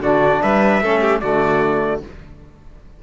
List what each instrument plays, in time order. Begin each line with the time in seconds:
0.00 cello D3, trombone D4, violin F#4, trumpet D5
0.42 cello G3, violin B4, trumpet E5
0.82 cello A3, trombone C#4, violin A4
1.01 violin G4
1.21 cello D3, trombone A3, violin F#4, trumpet D5